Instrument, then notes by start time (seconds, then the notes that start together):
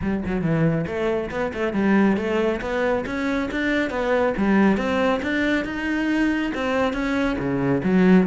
cello
0.01 G3
0.26 F#3
0.41 E3
0.86 A3
1.30 B3
1.53 A3
1.73 G3
2.17 A3
2.61 B3
3.06 C#4
3.51 D4
3.90 B3
4.37 G3
4.77 C4
5.22 D4
5.65 D#4
6.54 C4
6.93 C#4
7.38 C#3
7.83 F#3